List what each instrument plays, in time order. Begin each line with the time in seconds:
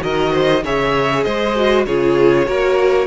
0.00 cello D#3, viola F#4, violin A#4 D#5
0.33 violin C5
0.64 cello C#3, viola G#4, violin C#5 E5
1.24 cello G#3, violin C5 D#5
1.56 viola F#4
1.86 cello C#3, viola F4, violin G#4 C#5
2.46 cello A#3, viola F#4, violin A#4